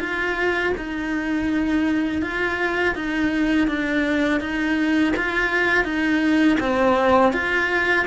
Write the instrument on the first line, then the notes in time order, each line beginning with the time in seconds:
cello
0.00 F4
0.77 D#4
2.22 F4
2.95 D#4
3.68 D4
4.40 D#4
5.16 F4
5.84 D#4
6.60 C4
7.33 F4